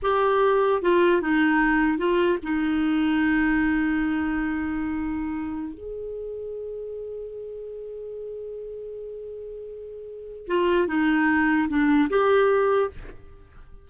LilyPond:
\new Staff \with { instrumentName = "clarinet" } { \time 4/4 \tempo 4 = 149 g'2 f'4 dis'4~ | dis'4 f'4 dis'2~ | dis'1~ | dis'2~ dis'16 gis'4.~ gis'16~ |
gis'1~ | gis'1~ | gis'2 f'4 dis'4~ | dis'4 d'4 g'2 | }